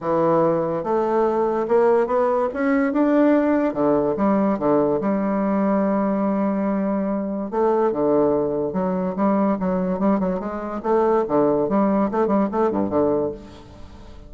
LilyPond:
\new Staff \with { instrumentName = "bassoon" } { \time 4/4 \tempo 4 = 144 e2 a2 | ais4 b4 cis'4 d'4~ | d'4 d4 g4 d4 | g1~ |
g2 a4 d4~ | d4 fis4 g4 fis4 | g8 fis8 gis4 a4 d4 | g4 a8 g8 a8 g,8 d4 | }